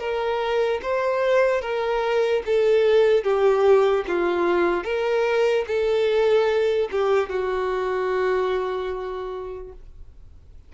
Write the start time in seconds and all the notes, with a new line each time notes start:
0.00 A#4
0.83 C5
1.62 A#4
2.46 A4
3.24 G4
4.08 F4
4.84 A#4
5.68 A4
6.92 G4
7.30 F#4